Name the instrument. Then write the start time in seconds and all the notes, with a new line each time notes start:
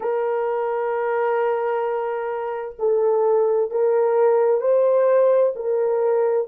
horn
0.00 A#4
2.79 A4
3.70 A#4
4.61 C5
5.55 A#4